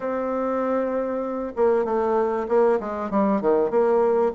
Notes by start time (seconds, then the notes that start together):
0.00 C4
1.56 A#3
1.84 A3
2.48 A#3
2.79 G#3
3.10 G3
3.41 D#3
3.70 A#3